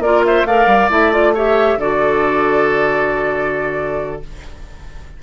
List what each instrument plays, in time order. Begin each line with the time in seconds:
0.00 bassoon A#3, clarinet F4, oboe A#4, flute D5
0.25 oboe C5, flute E5
0.45 bassoon A3, clarinet A#4, oboe D5, flute F5
0.67 bassoon G3
0.90 bassoon A3, clarinet E4, flute E5
1.12 clarinet F4, flute D5
1.34 clarinet G4, oboe C#5, flute E5
1.77 bassoon D3, clarinet F#4, oboe A4, flute D5